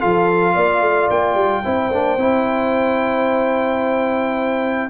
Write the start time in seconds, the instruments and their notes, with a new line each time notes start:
0.00 tuba F3, trombone F4, horn A4, trumpet F5
0.54 tuba A#3, horn D5
0.82 tuba A3
1.11 tuba A#3, trumpet G5
1.35 tuba G3
1.64 tuba C4, trombone E4, horn C5
1.91 tuba A#3, trombone D4
2.17 tuba C4, trombone E4